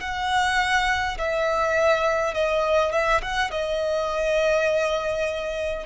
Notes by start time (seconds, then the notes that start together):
0.00 F#5
1.18 E5
2.34 D#5
2.92 E5
3.22 F#5
3.51 D#5